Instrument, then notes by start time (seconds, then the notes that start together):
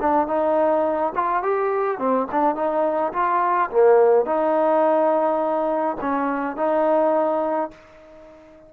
trombone
0.00 D4
0.27 D#4
1.15 F4
1.42 G4
1.98 C4
2.31 D4
2.55 D#4
3.12 F4
3.70 A#3
4.25 D#4
6.01 C#4
6.56 D#4